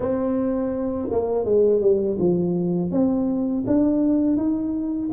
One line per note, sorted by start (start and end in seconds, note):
0.00 1.08 C4
1.10 1.44 A#3
1.44 1.81 G#3
1.81 2.17 G3
2.19 2.91 F3
2.91 3.64 C4
3.67 4.36 D4
4.36 5.10 D#4